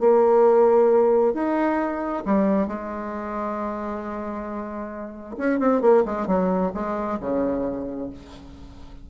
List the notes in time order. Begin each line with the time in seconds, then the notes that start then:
0.00 A#3
1.34 D#4
2.26 G3
2.68 G#3
5.38 C#4
5.60 C4
5.82 A#3
6.06 G#3
6.27 F#3
6.74 G#3
7.20 C#3